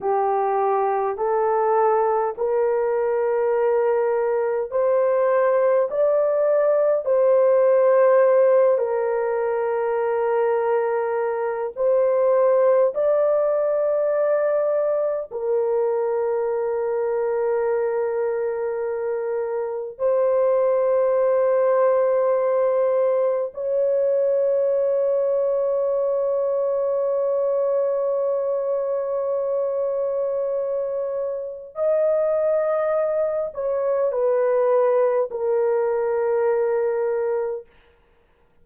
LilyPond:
\new Staff \with { instrumentName = "horn" } { \time 4/4 \tempo 4 = 51 g'4 a'4 ais'2 | c''4 d''4 c''4. ais'8~ | ais'2 c''4 d''4~ | d''4 ais'2.~ |
ais'4 c''2. | cis''1~ | cis''2. dis''4~ | dis''8 cis''8 b'4 ais'2 | }